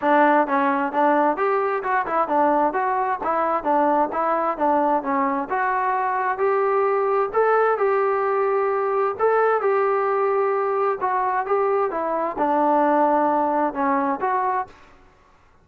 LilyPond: \new Staff \with { instrumentName = "trombone" } { \time 4/4 \tempo 4 = 131 d'4 cis'4 d'4 g'4 | fis'8 e'8 d'4 fis'4 e'4 | d'4 e'4 d'4 cis'4 | fis'2 g'2 |
a'4 g'2. | a'4 g'2. | fis'4 g'4 e'4 d'4~ | d'2 cis'4 fis'4 | }